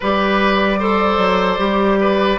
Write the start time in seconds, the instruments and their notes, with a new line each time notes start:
0.00 bassoon G3, clarinet G4, oboe B4, flute D5
0.79 clarinet A4, oboe C5
1.17 bassoon F#3
1.58 bassoon G3, clarinet G4
2.00 oboe B4